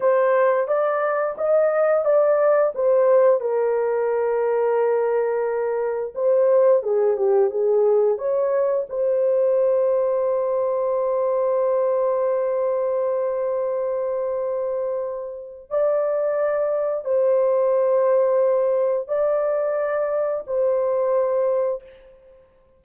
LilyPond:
\new Staff \with { instrumentName = "horn" } { \time 4/4 \tempo 4 = 88 c''4 d''4 dis''4 d''4 | c''4 ais'2.~ | ais'4 c''4 gis'8 g'8 gis'4 | cis''4 c''2.~ |
c''1~ | c''2. d''4~ | d''4 c''2. | d''2 c''2 | }